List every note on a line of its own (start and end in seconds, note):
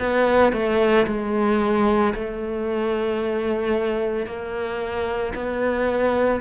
0.00 0.53 B3
0.53 1.07 A3
1.07 2.14 G#3
2.15 4.27 A3
4.27 5.34 A#3
5.35 6.41 B3